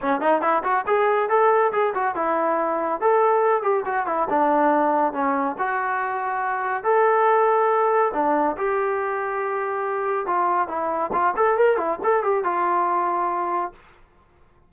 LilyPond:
\new Staff \with { instrumentName = "trombone" } { \time 4/4 \tempo 4 = 140 cis'8 dis'8 e'8 fis'8 gis'4 a'4 | gis'8 fis'8 e'2 a'4~ | a'8 g'8 fis'8 e'8 d'2 | cis'4 fis'2. |
a'2. d'4 | g'1 | f'4 e'4 f'8 a'8 ais'8 e'8 | a'8 g'8 f'2. | }